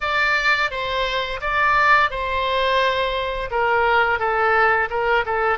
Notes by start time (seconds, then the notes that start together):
0.00 D5
0.70 C5
1.40 D5
2.10 C5
3.50 A#4
4.19 A4
4.90 A#4
5.25 A4